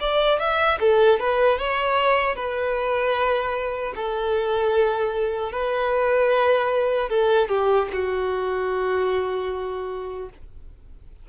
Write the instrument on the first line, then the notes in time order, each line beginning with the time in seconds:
violin
0.00 D5
0.39 E5
0.80 A4
1.19 B4
1.58 C#5
2.35 B4
3.95 A4
5.52 B4
7.09 A4
7.49 G4
7.92 F#4